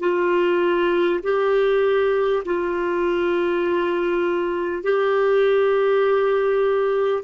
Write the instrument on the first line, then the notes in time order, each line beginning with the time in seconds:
clarinet
0.00 F4
1.24 G4
2.45 F4
4.83 G4